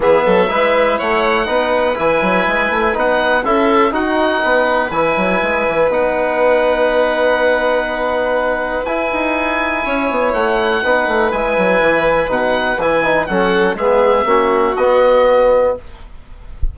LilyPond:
<<
  \new Staff \with { instrumentName = "oboe" } { \time 4/4 \tempo 4 = 122 e''2 fis''2 | gis''2 fis''4 e''4 | fis''2 gis''2 | fis''1~ |
fis''2 gis''2~ | gis''4 fis''2 gis''4~ | gis''4 fis''4 gis''4 fis''4 | e''2 dis''2 | }
  \new Staff \with { instrumentName = "violin" } { \time 4/4 gis'8 a'8 b'4 cis''4 b'4~ | b'2. a'4 | fis'4 b'2.~ | b'1~ |
b'1 | cis''2 b'2~ | b'2. a'4 | gis'4 fis'2. | }
  \new Staff \with { instrumentName = "trombone" } { \time 4/4 b4 e'2 dis'4 | e'2 dis'4 e'4 | dis'2 e'2 | dis'1~ |
dis'2 e'2~ | e'2 dis'4 e'4~ | e'4 dis'4 e'8 dis'8 cis'4 | b4 cis'4 b2 | }
  \new Staff \with { instrumentName = "bassoon" } { \time 4/4 e8 fis8 gis4 a4 b4 | e8 fis8 gis8 a8 b4 cis'4 | dis'4 b4 e8 fis8 gis8 e8 | b1~ |
b2 e'8 dis'4. | cis'8 b8 a4 b8 a8 gis8 fis8 | e4 b,4 e4 fis4 | gis4 ais4 b2 | }
>>